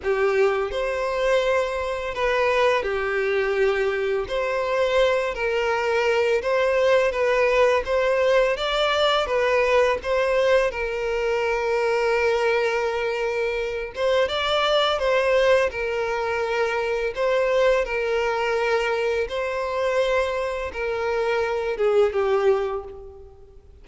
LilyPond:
\new Staff \with { instrumentName = "violin" } { \time 4/4 \tempo 4 = 84 g'4 c''2 b'4 | g'2 c''4. ais'8~ | ais'4 c''4 b'4 c''4 | d''4 b'4 c''4 ais'4~ |
ais'2.~ ais'8 c''8 | d''4 c''4 ais'2 | c''4 ais'2 c''4~ | c''4 ais'4. gis'8 g'4 | }